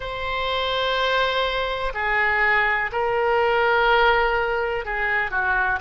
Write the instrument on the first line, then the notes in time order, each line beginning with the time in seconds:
oboe
0.00 C5
1.94 G#4
2.92 A#4
4.85 G#4
5.30 F#4